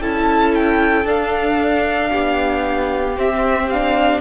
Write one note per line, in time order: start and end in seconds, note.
0.00 1.05 C#4
0.00 1.05 E4
0.00 2.11 A4
0.00 0.55 A5
0.55 1.07 G5
1.05 3.15 D4
1.05 2.10 D4
1.05 3.19 F5
2.12 3.18 B3
2.12 4.21 G4
3.16 3.69 C4
3.16 4.21 C4
3.16 3.70 E5
3.70 4.21 D4
3.70 4.21 F5